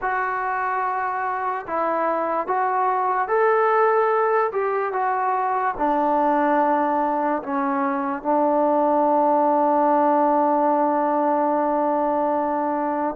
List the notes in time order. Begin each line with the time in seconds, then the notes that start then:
0.01 F#4
1.67 E4
2.47 F#4
3.28 A4
4.52 G4
4.92 F#4
5.78 D4
7.42 C#4
8.22 D4